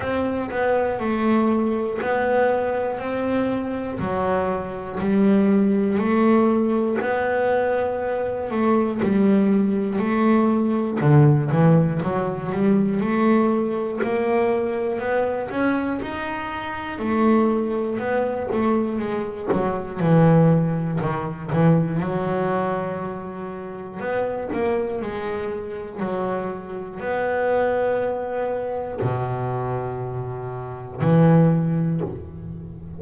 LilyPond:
\new Staff \with { instrumentName = "double bass" } { \time 4/4 \tempo 4 = 60 c'8 b8 a4 b4 c'4 | fis4 g4 a4 b4~ | b8 a8 g4 a4 d8 e8 | fis8 g8 a4 ais4 b8 cis'8 |
dis'4 a4 b8 a8 gis8 fis8 | e4 dis8 e8 fis2 | b8 ais8 gis4 fis4 b4~ | b4 b,2 e4 | }